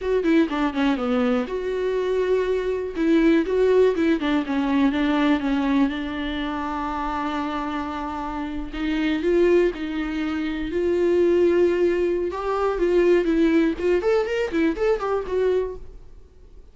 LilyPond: \new Staff \with { instrumentName = "viola" } { \time 4/4 \tempo 4 = 122 fis'8 e'8 d'8 cis'8 b4 fis'4~ | fis'2 e'4 fis'4 | e'8 d'8 cis'4 d'4 cis'4 | d'1~ |
d'4.~ d'16 dis'4 f'4 dis'16~ | dis'4.~ dis'16 f'2~ f'16~ | f'4 g'4 f'4 e'4 | f'8 a'8 ais'8 e'8 a'8 g'8 fis'4 | }